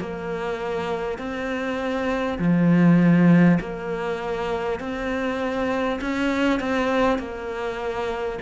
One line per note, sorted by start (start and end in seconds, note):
0.00 1.18 A#3
1.18 2.38 C4
2.38 3.58 F3
3.60 4.80 A#3
4.80 6.00 C4
6.01 6.60 C#4
6.60 7.19 C4
7.19 8.39 A#3